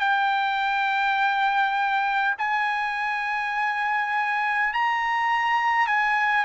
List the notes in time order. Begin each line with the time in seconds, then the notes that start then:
0.00 G5
2.39 G#5
4.74 A#5
5.87 G#5